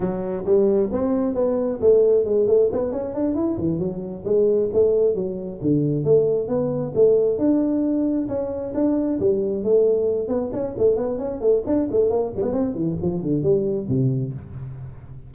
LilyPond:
\new Staff \with { instrumentName = "tuba" } { \time 4/4 \tempo 4 = 134 fis4 g4 c'4 b4 | a4 gis8 a8 b8 cis'8 d'8 e'8 | e8 fis4 gis4 a4 fis8~ | fis8 d4 a4 b4 a8~ |
a8 d'2 cis'4 d'8~ | d'8 g4 a4. b8 cis'8 | a8 b8 cis'8 a8 d'8 a8 ais8 g16 b16 | c'8 e8 f8 d8 g4 c4 | }